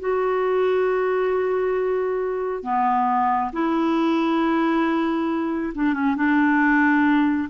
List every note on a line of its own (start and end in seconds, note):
0.00 2.63 F#4
2.63 3.51 B3
3.53 5.73 E4
5.75 5.94 D4
5.94 6.16 C#4
6.16 7.49 D4